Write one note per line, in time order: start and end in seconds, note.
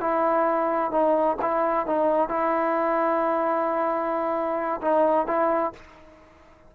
0.00 0.91 E4
0.91 1.37 D#4
1.41 1.86 E4
1.86 2.29 D#4
2.29 4.80 E4
4.81 5.27 D#4
5.27 5.72 E4